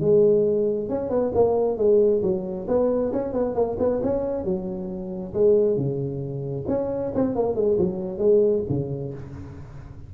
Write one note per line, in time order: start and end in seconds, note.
0.00 0.89 G#3
0.89 1.09 C#4
1.09 1.32 B3
1.34 1.77 A#3
1.77 2.22 G#3
2.22 2.67 F#3
2.67 3.12 B3
3.12 3.33 C#4
3.33 3.55 B3
3.55 3.77 A#3
3.79 4.01 B3
4.03 4.44 C#4
4.44 5.33 F#3
5.34 5.76 G#3
5.76 6.65 C#3
6.67 7.12 C#4
7.15 7.35 C4
7.35 7.55 A#3
7.55 7.77 G#3
7.78 8.18 F#3
8.18 8.62 G#3
8.69 9.13 C#3